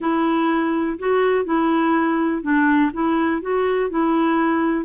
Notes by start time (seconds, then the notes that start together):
0.00 E4
0.98 F#4
1.44 E4
2.42 D4
2.93 E4
3.41 F#4
3.90 E4